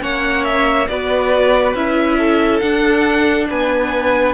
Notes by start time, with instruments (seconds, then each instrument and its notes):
0.00 cello A#3, viola C#4, violin C#5 F#5
0.44 violin E5
0.88 cello B3, viola F#4, violin B4 D5
1.75 cello C#4, viola E4, violin E5
2.18 violin A4
2.60 viola D4, cello D4, violin F#5
3.49 cello B3, violin B4 G#5